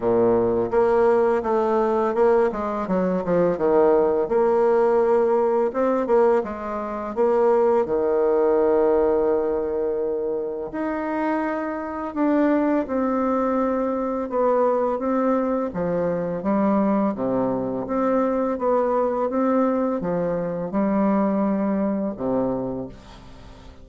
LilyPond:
\new Staff \with { instrumentName = "bassoon" } { \time 4/4 \tempo 4 = 84 ais,4 ais4 a4 ais8 gis8 | fis8 f8 dis4 ais2 | c'8 ais8 gis4 ais4 dis4~ | dis2. dis'4~ |
dis'4 d'4 c'2 | b4 c'4 f4 g4 | c4 c'4 b4 c'4 | f4 g2 c4 | }